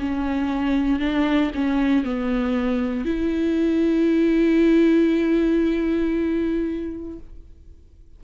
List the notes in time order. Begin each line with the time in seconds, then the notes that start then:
0.00 C#4
1.00 D4
1.55 C#4
2.05 B3
3.06 E4